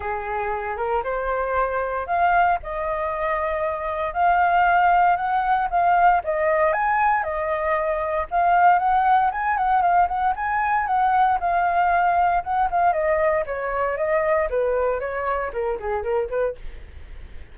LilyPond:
\new Staff \with { instrumentName = "flute" } { \time 4/4 \tempo 4 = 116 gis'4. ais'8 c''2 | f''4 dis''2. | f''2 fis''4 f''4 | dis''4 gis''4 dis''2 |
f''4 fis''4 gis''8 fis''8 f''8 fis''8 | gis''4 fis''4 f''2 | fis''8 f''8 dis''4 cis''4 dis''4 | b'4 cis''4 ais'8 gis'8 ais'8 b'8 | }